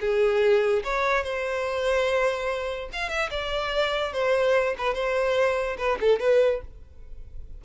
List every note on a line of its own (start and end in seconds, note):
0.00 0.83 G#4
0.84 1.23 C#5
1.23 2.89 C5
2.92 3.09 F5
3.09 3.29 E5
3.30 4.13 D5
4.13 4.75 C5
4.78 4.94 B4
4.94 5.77 C5
5.77 5.98 B4
6.00 6.20 A4
6.20 6.61 B4